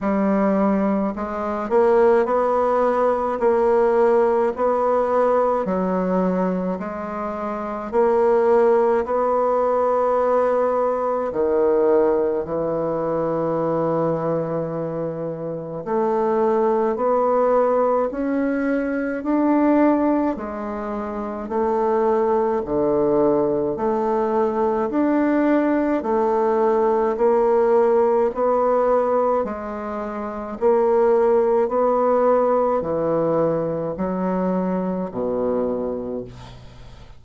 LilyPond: \new Staff \with { instrumentName = "bassoon" } { \time 4/4 \tempo 4 = 53 g4 gis8 ais8 b4 ais4 | b4 fis4 gis4 ais4 | b2 dis4 e4~ | e2 a4 b4 |
cis'4 d'4 gis4 a4 | d4 a4 d'4 a4 | ais4 b4 gis4 ais4 | b4 e4 fis4 b,4 | }